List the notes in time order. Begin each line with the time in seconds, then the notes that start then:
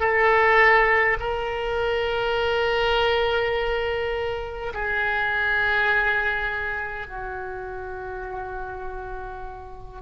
0.00 A4
1.20 A#4
4.74 G#4
7.07 F#4